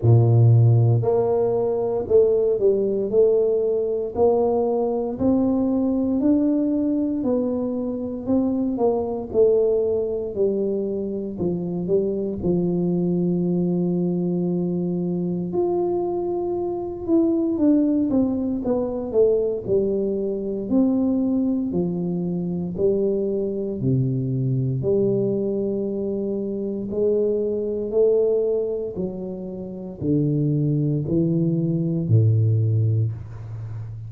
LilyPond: \new Staff \with { instrumentName = "tuba" } { \time 4/4 \tempo 4 = 58 ais,4 ais4 a8 g8 a4 | ais4 c'4 d'4 b4 | c'8 ais8 a4 g4 f8 g8 | f2. f'4~ |
f'8 e'8 d'8 c'8 b8 a8 g4 | c'4 f4 g4 c4 | g2 gis4 a4 | fis4 d4 e4 a,4 | }